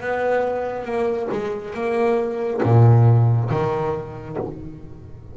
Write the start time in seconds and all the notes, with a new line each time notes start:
0.00 B3
0.85 A#3
1.31 G#3
1.74 A#3
2.63 A#2
3.50 D#3